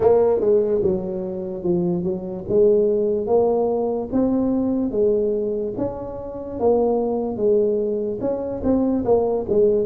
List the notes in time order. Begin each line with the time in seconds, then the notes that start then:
0.00 A#3
0.40 G#3
0.83 F#3
1.63 F3
2.03 F#3
2.48 G#3
3.27 A#3
4.12 C4
4.91 G#3
5.77 C#4
6.59 A#3
7.36 G#3
8.20 C#4
8.63 C4
9.04 A#3
9.49 G#3